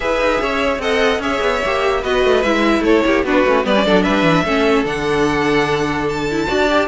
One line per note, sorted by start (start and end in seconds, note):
0.00 0.20 E4
0.00 0.81 G#4
0.00 0.41 B4
0.00 0.81 E5
0.20 0.40 D#4
0.41 0.78 C#4
0.41 0.81 C#5
0.78 1.18 C4
0.78 1.21 A4
0.78 1.21 D#5
0.78 1.21 F#5
1.19 1.39 C#4
1.19 1.61 G#4
1.19 2.00 C#5
1.19 2.03 E5
1.40 1.61 B3
1.65 2.04 A#3
1.65 2.03 G4
2.00 2.23 B3
2.00 2.44 F#4
2.00 2.82 B4
2.00 2.42 D#5
2.23 2.44 A3
2.42 2.80 G#3
2.42 3.25 E4
2.42 2.83 E5
2.80 3.00 A3
2.80 3.04 A4
2.80 3.24 C#5
3.06 3.23 A#3
3.06 3.25 G4
3.23 3.43 B3
3.23 3.46 D4
3.23 3.65 F#4
3.23 3.65 B4
3.45 3.65 A3
3.45 3.64 C#4
3.64 3.85 G3
3.64 3.74 B3
3.64 3.85 B4
3.64 4.02 D5
3.74 3.84 C#4
3.85 4.06 F#3
3.85 4.46 D4
3.85 4.03 A4
4.02 4.23 G3
4.02 4.43 B4
4.02 4.83 E5
4.23 4.43 E3
4.44 4.84 A3
4.44 4.84 C#4
4.44 6.47 A4
4.84 6.47 D3
4.84 6.26 D4
4.84 6.08 F#5
6.08 6.88 A5
6.30 6.47 E4
6.47 6.88 D4
6.47 6.67 F#4
6.47 6.88 D5
6.68 6.88 G4